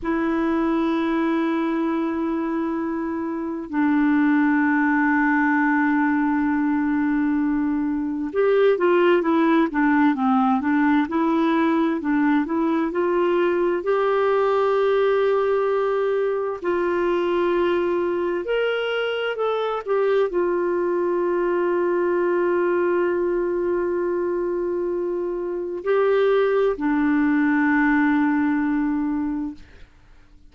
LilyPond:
\new Staff \with { instrumentName = "clarinet" } { \time 4/4 \tempo 4 = 65 e'1 | d'1~ | d'4 g'8 f'8 e'8 d'8 c'8 d'8 | e'4 d'8 e'8 f'4 g'4~ |
g'2 f'2 | ais'4 a'8 g'8 f'2~ | f'1 | g'4 d'2. | }